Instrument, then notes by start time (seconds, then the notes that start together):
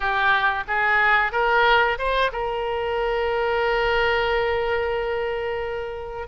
oboe
0.00 G4
0.67 G#4
1.32 A#4
1.98 C5
2.32 A#4